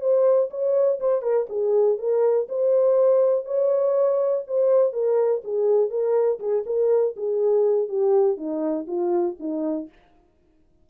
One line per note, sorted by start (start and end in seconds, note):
0.00 0.49 C5
0.50 0.99 C#5
1.00 1.22 C5
1.22 1.46 A#4
1.49 1.98 G#4
1.98 2.47 A#4
2.48 3.45 C5
3.45 4.44 C#5
4.47 4.92 C5
4.92 5.42 A#4
5.44 5.89 G#4
5.89 6.39 A#4
6.39 6.64 G#4
6.66 7.15 A#4
7.16 7.88 G#4
7.88 8.37 G4
8.37 8.86 D#4
8.87 9.36 F4
9.39 9.89 D#4